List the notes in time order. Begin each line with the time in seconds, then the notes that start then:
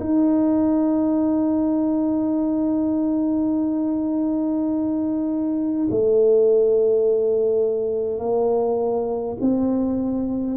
0.00 D#4
5.90 A3
8.19 A#3
9.41 C4